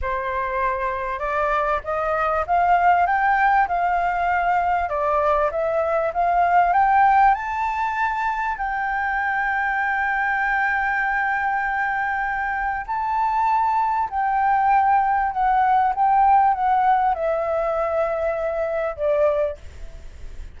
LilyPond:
\new Staff \with { instrumentName = "flute" } { \time 4/4 \tempo 4 = 98 c''2 d''4 dis''4 | f''4 g''4 f''2 | d''4 e''4 f''4 g''4 | a''2 g''2~ |
g''1~ | g''4 a''2 g''4~ | g''4 fis''4 g''4 fis''4 | e''2. d''4 | }